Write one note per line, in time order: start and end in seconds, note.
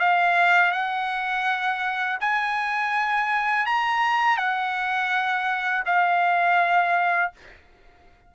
0.00 0.72 F5
0.72 2.19 F#5
2.21 3.67 G#5
3.67 4.38 A#5
4.38 5.84 F#5
5.86 7.32 F5